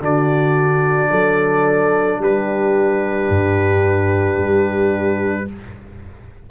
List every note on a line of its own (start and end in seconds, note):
0.00 1.10 D3
0.00 5.45 D4
0.00 1.11 F#4
0.00 2.23 D5
1.11 2.19 F#3
1.11 2.20 A4
2.19 3.28 G3
2.19 5.48 G4
2.19 5.51 B4
3.30 4.37 G2
4.37 5.46 G3